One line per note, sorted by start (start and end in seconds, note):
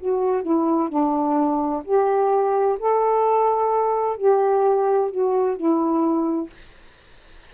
0.00 0.43 F#4
0.43 0.89 E4
0.89 1.83 D4
1.85 2.78 G4
2.80 4.17 A4
4.17 5.11 G4
5.11 5.57 F#4
5.57 6.51 E4